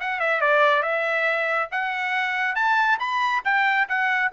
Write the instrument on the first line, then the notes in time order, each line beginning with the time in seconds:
trumpet
0.00 F#5
0.20 E5
0.41 D5
0.83 E5
1.71 F#5
2.55 A5
2.99 B5
3.45 G5
3.88 F#5